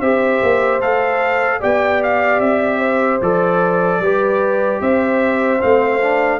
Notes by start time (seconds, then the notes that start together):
0.00 C4 G4 C5 E5
0.42 A#3
0.80 A3 A4 F5
1.60 B3 G4 D5 G5
2.03 F5
2.40 C4 E5
2.79 C5
3.21 F3 A4 D5
3.99 G3 G4 B4
4.80 C4 C5 E5
5.59 A3 C4 F5
6.00 D4